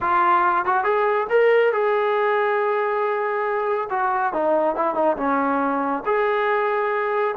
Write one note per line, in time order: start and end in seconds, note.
0.00 0.65 F4
0.65 0.84 F#4
0.84 1.27 G#4
1.29 1.72 A#4
1.73 3.88 G#4
3.90 4.33 F#4
4.33 4.75 D#4
4.75 4.94 E4
4.94 5.16 D#4
5.16 6.03 C#4
6.05 7.35 G#4